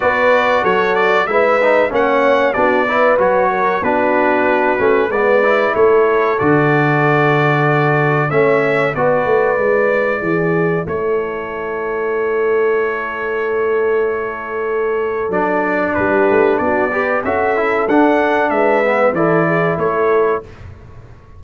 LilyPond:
<<
  \new Staff \with { instrumentName = "trumpet" } { \time 4/4 \tempo 4 = 94 d''4 cis''8 d''8 e''4 fis''4 | d''4 cis''4 b'2 | d''4 cis''4 d''2~ | d''4 e''4 d''2~ |
d''4 cis''2.~ | cis''1 | d''4 b'4 d''4 e''4 | fis''4 e''4 d''4 cis''4 | }
  \new Staff \with { instrumentName = "horn" } { \time 4/4 b'4 a'4 b'4 cis''4 | fis'8 b'4 ais'8 fis'2 | b'4 a'2.~ | a'4 cis''4 b'2 |
gis'4 a'2.~ | a'1~ | a'4 g'4 fis'8 b'8 a'4~ | a'4 b'4 a'8 gis'8 a'4 | }
  \new Staff \with { instrumentName = "trombone" } { \time 4/4 fis'2 e'8 dis'8 cis'4 | d'8 e'8 fis'4 d'4. cis'8 | b8 e'4. fis'2~ | fis'4 cis'4 fis'4 e'4~ |
e'1~ | e'1 | d'2~ d'8 g'8 fis'8 e'8 | d'4. b8 e'2 | }
  \new Staff \with { instrumentName = "tuba" } { \time 4/4 b4 fis4 gis4 ais4 | b4 fis4 b4. a8 | gis4 a4 d2~ | d4 a4 b8 a8 gis4 |
e4 a2.~ | a1 | fis4 g8 a8 b4 cis'4 | d'4 gis4 e4 a4 | }
>>